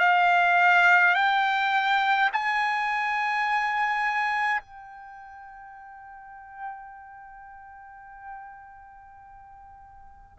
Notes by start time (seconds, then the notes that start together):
0.00 F5
1.15 G5
2.33 G#5
4.61 G5